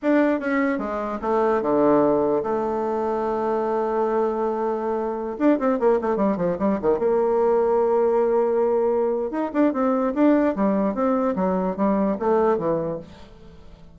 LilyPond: \new Staff \with { instrumentName = "bassoon" } { \time 4/4 \tempo 4 = 148 d'4 cis'4 gis4 a4 | d2 a2~ | a1~ | a4~ a16 d'8 c'8 ais8 a8 g8 f16~ |
f16 g8 dis8 ais2~ ais8.~ | ais2. dis'8 d'8 | c'4 d'4 g4 c'4 | fis4 g4 a4 e4 | }